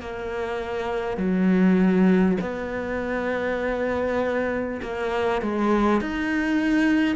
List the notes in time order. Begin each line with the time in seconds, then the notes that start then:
0.00 A#3
1.17 F#3
2.41 B3
4.82 A#3
5.41 G#3
6.00 D#4